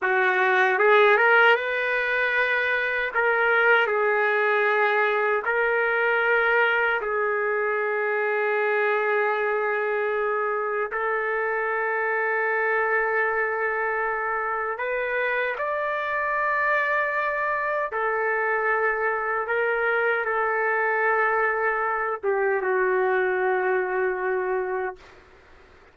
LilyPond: \new Staff \with { instrumentName = "trumpet" } { \time 4/4 \tempo 4 = 77 fis'4 gis'8 ais'8 b'2 | ais'4 gis'2 ais'4~ | ais'4 gis'2.~ | gis'2 a'2~ |
a'2. b'4 | d''2. a'4~ | a'4 ais'4 a'2~ | a'8 g'8 fis'2. | }